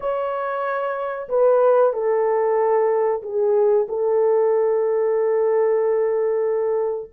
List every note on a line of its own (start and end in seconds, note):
0.00 1.28 C#5
1.28 1.93 B4
1.93 3.22 A4
3.22 3.87 G#4
3.88 7.11 A4